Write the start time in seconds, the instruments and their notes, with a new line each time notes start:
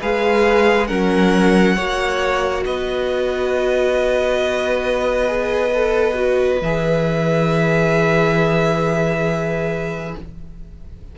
0.00 cello G#3, viola G#4, violin B4 F5
0.87 cello F#3, viola C#4, violin A#4 F#5
1.75 cello A#3, viola F#4, violin C#5
2.65 cello B3, violin B4 D#5
5.27 viola G#4
5.74 viola A4
6.14 viola F#4
6.61 cello E3, viola G#4, violin E5